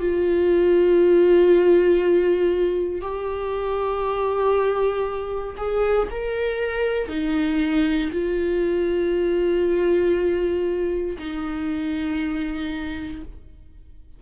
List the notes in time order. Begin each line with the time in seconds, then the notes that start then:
0.00 F4
3.02 G4
5.58 G#4
6.12 A#4
7.09 D#4
8.13 F4
11.19 D#4